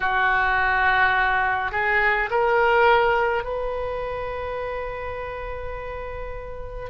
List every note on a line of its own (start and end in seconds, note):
0.00 1.72 F#4
1.72 2.29 G#4
2.30 3.44 A#4
3.44 6.90 B4